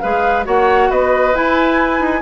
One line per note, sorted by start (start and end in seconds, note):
0.00 0.47 G#3
0.00 0.45 G#4
0.00 0.46 B4
0.00 0.44 F5
0.45 0.90 A#3
0.45 1.33 F#4
0.45 0.90 C#5
0.45 0.91 F#5
0.90 1.34 B3
0.90 2.22 B4
0.90 1.35 D#5
1.34 2.22 E4
1.34 2.00 E4
1.34 2.22 G#5
2.00 2.22 D#4